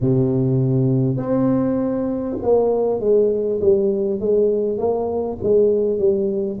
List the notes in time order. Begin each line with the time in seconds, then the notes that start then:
0.00 C3
1.17 C4
2.42 A#3
3.00 G#3
3.61 G3
4.19 G#3
4.78 A#3
5.43 G#3
5.98 G3